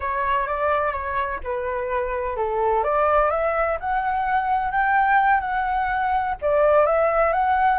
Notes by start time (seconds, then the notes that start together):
0.00 C#5
0.47 D5
0.92 C#5
1.43 B4
2.36 A4
2.83 D5
3.30 E5
3.80 F#5
4.71 G5
5.40 F#5
6.41 D5
6.86 E5
7.32 F#5